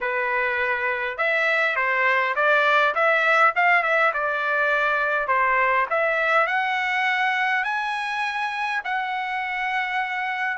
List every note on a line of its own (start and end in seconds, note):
0.01 1.17 B4
1.17 1.76 E5
1.76 2.34 C5
2.35 2.94 D5
2.94 3.53 E5
3.55 3.83 F5
3.83 4.12 E5
4.13 5.27 D5
5.27 5.86 C5
5.90 6.46 E5
6.46 7.64 F#5
7.64 8.81 G#5
8.84 10.57 F#5